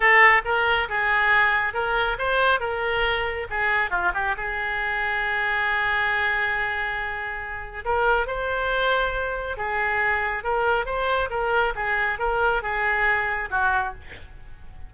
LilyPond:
\new Staff \with { instrumentName = "oboe" } { \time 4/4 \tempo 4 = 138 a'4 ais'4 gis'2 | ais'4 c''4 ais'2 | gis'4 f'8 g'8 gis'2~ | gis'1~ |
gis'2 ais'4 c''4~ | c''2 gis'2 | ais'4 c''4 ais'4 gis'4 | ais'4 gis'2 fis'4 | }